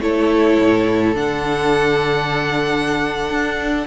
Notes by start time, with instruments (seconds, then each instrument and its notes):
0.00 cello A3, viola E4, violin A4 C#5
0.59 cello A2
1.14 cello D3, viola D4, violin F#5
3.29 cello D4